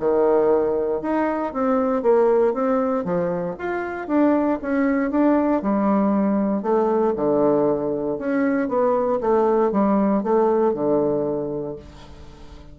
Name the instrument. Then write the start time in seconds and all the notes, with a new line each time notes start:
bassoon
0.00 D#3
1.02 D#4
1.54 C4
2.03 A#3
2.54 C4
3.05 F3
3.59 F4
4.08 D4
4.62 C#4
5.11 D4
5.62 G3
6.62 A3
7.16 D3
8.19 C#4
8.69 B3
9.21 A3
9.72 G3
10.23 A3
10.74 D3